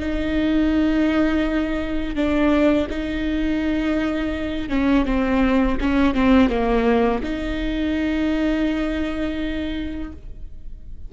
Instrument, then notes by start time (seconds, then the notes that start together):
viola
0.00 D#4
2.16 D4
2.90 D#4
4.70 C#4
5.06 C4
5.81 C#4
6.15 C4
6.50 A#3
7.24 D#4